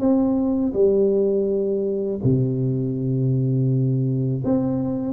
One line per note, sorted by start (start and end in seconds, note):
0.00 0.73 C4
0.74 2.20 G3
2.24 4.44 C3
4.45 5.13 C4